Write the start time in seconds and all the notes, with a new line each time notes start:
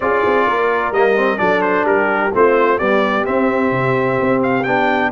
0.00 C#4 F4 G#4 D5
0.25 C4
0.46 A#3 A#4
0.91 G3 A#3 D#5
1.16 C4
1.37 F#3 D4 A4 D5
1.61 C5
1.84 G3 G4 A#4
2.34 A3 C4 F4 C5
2.77 G3 B3 G4 D5
3.24 C4 E5
3.71 C3
4.20 C4
4.43 F5
4.63 B3 D4 G5